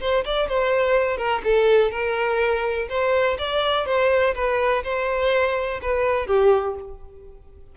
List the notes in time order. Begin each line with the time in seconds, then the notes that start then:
0.00 C5
0.25 D5
0.48 C5
1.17 A#4
1.44 A4
1.91 A#4
2.89 C5
3.38 D5
3.86 C5
4.35 B4
4.83 C5
5.81 B4
6.26 G4